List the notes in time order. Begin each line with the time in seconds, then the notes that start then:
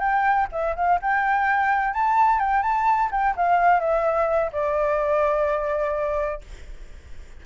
0.00 G5
0.52 E5
0.76 F5
1.02 G5
1.94 A5
2.40 G5
2.63 A5
3.12 G5
3.37 F5
3.80 E5
4.53 D5